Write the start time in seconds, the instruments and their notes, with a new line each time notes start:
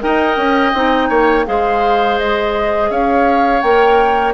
0.00 bassoon D#4, clarinet A#4, oboe D#5, flute G5
0.37 bassoon C#4
0.74 bassoon C4, clarinet D#4
1.09 bassoon A#3, oboe C#5
1.45 bassoon G#3, clarinet G#4, oboe C5, flute F5
2.19 flute D#5
2.90 bassoon C#4, oboe C#5, flute F5
3.61 bassoon A#3, clarinet A#4, flute G5